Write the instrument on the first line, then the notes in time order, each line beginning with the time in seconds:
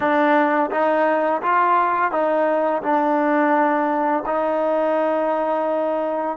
trombone
0.00 D4
0.71 D#4
1.41 F4
2.11 D#4
2.82 D4
4.25 D#4